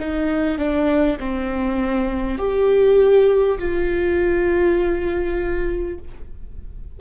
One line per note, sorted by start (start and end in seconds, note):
0.00 0.59 D#4
0.59 1.19 D4
1.20 2.38 C4
2.38 3.58 G4
3.59 5.99 F4